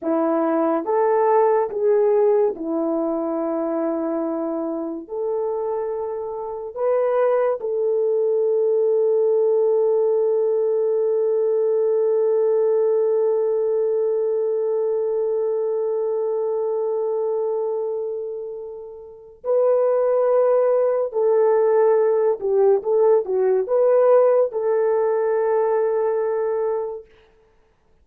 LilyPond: \new Staff \with { instrumentName = "horn" } { \time 4/4 \tempo 4 = 71 e'4 a'4 gis'4 e'4~ | e'2 a'2 | b'4 a'2.~ | a'1~ |
a'1~ | a'2. b'4~ | b'4 a'4. g'8 a'8 fis'8 | b'4 a'2. | }